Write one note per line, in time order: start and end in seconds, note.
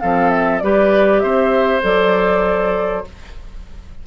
0.00 0.62 F3
0.00 0.62 C4
0.00 0.63 A4
0.00 0.30 F5
0.30 0.59 E5
0.59 1.23 G3
0.59 1.82 G4
0.59 1.23 B4
0.59 1.19 D5
1.19 1.83 C4
1.19 3.06 C5
1.19 1.80 E5
1.82 3.05 F#3
1.82 3.04 A4
1.82 3.06 D5